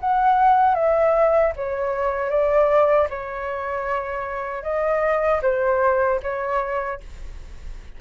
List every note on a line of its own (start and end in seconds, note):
0.00 0.74 F#5
0.74 1.52 E5
1.56 2.30 C#5
2.30 3.07 D5
3.10 4.63 C#5
4.63 5.40 D#5
5.42 6.19 C5
6.22 7.00 C#5